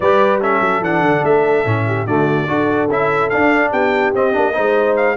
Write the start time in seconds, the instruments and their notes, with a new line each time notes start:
0.00 tuba G3, trombone G4, horn B4, trumpet D5
0.40 trombone C#4, horn A4, trumpet E5
0.60 tuba F#3
0.81 tuba E3, trombone D4, trumpet F#5
1.01 tuba D3
1.23 tuba A3, trumpet E5
1.65 tuba A2, trombone C#4
1.87 horn G4
2.05 tuba D3, trombone A3, horn F#4, trumpet D5
2.47 tuba D4, trombone F#4, horn A4
2.89 tuba C#4, trombone E4, trumpet E5
3.29 trombone D4, tuba D4, trumpet F5
3.71 tuba B3, horn G4, trumpet G5
4.14 trombone C4, tuba C4, trumpet D#5
4.32 tuba A#3, trombone D4
4.54 tuba G#3, trombone D#4, horn C5
4.96 trumpet F5